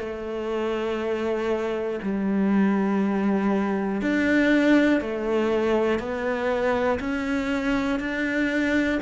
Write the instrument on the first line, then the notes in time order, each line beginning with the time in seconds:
cello
0.00 A3
2.03 G3
4.01 D4
5.00 A3
5.99 B3
7.00 C#4
8.00 D4